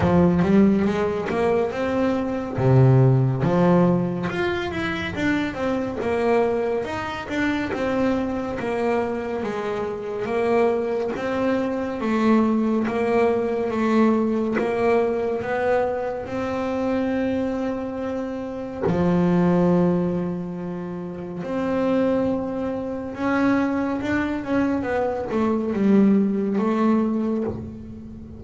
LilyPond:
\new Staff \with { instrumentName = "double bass" } { \time 4/4 \tempo 4 = 70 f8 g8 gis8 ais8 c'4 c4 | f4 f'8 e'8 d'8 c'8 ais4 | dis'8 d'8 c'4 ais4 gis4 | ais4 c'4 a4 ais4 |
a4 ais4 b4 c'4~ | c'2 f2~ | f4 c'2 cis'4 | d'8 cis'8 b8 a8 g4 a4 | }